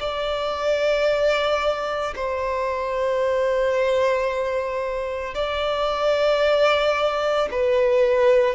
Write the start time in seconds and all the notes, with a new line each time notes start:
0.00 D5
2.16 C5
5.35 D5
7.51 B4